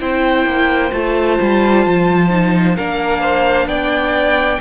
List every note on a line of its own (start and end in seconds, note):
0.00 0.46 C4
0.00 0.92 E4
0.00 2.76 C5
0.00 0.93 G5
0.46 0.92 A#3
0.93 1.39 A3
0.93 2.30 F4
0.93 2.77 A5
1.41 1.87 G3
1.87 2.79 F3
2.30 2.76 D#4
2.76 3.66 A#3
2.76 4.61 D4
2.76 3.21 A#4
2.76 3.69 F5
3.21 3.67 C5
3.66 4.59 B3
3.66 4.61 D5
3.66 4.61 G5